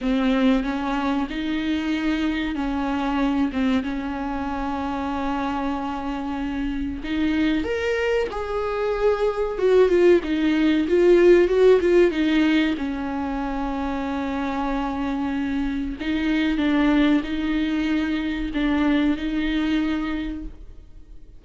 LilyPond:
\new Staff \with { instrumentName = "viola" } { \time 4/4 \tempo 4 = 94 c'4 cis'4 dis'2 | cis'4. c'8 cis'2~ | cis'2. dis'4 | ais'4 gis'2 fis'8 f'8 |
dis'4 f'4 fis'8 f'8 dis'4 | cis'1~ | cis'4 dis'4 d'4 dis'4~ | dis'4 d'4 dis'2 | }